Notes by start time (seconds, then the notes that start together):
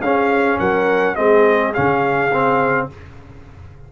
0.00 C#4 G#4 F5
0.59 F#3 A#4 F#5
1.15 G#3 C4 G#4 D#5
1.73 C#3 C#4 F5
2.32 C4